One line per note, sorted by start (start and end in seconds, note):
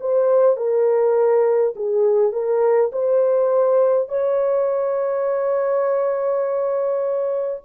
0.00 0.57 C5
0.57 1.74 A#4
1.75 2.32 G#4
2.32 2.91 A#4
2.92 4.09 C5
4.09 7.61 C#5